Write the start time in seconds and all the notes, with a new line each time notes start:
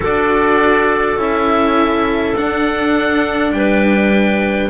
0.00 D4 F#4 A4 D5
1.16 C#4 E4 E5
2.36 D4 F#5
3.51 G3 B4 G5